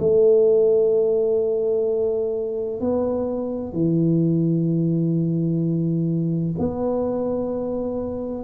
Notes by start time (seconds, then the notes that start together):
0.00 A3
2.81 B3
3.73 E3
6.59 B3